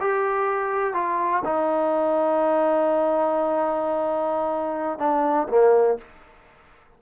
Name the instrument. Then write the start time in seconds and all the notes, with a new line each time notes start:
trombone
0.00 G4
0.94 F4
1.44 D#4
4.98 D4
5.49 A#3